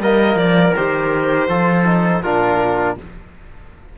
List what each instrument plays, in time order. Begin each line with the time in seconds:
0.00 cello G3, trombone A#3, trumpet A#4, violin D#5
0.35 cello F3, violin D5
0.75 cello D#3, trombone G4, violin C5
1.49 cello F3, trombone F4, trumpet A4
1.86 trombone D#4
2.22 cello A#2, trombone D4, trumpet F4, violin A#4